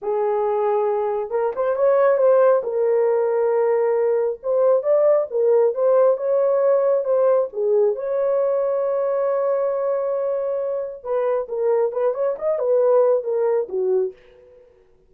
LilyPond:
\new Staff \with { instrumentName = "horn" } { \time 4/4 \tempo 4 = 136 gis'2. ais'8 c''8 | cis''4 c''4 ais'2~ | ais'2 c''4 d''4 | ais'4 c''4 cis''2 |
c''4 gis'4 cis''2~ | cis''1~ | cis''4 b'4 ais'4 b'8 cis''8 | dis''8 b'4. ais'4 fis'4 | }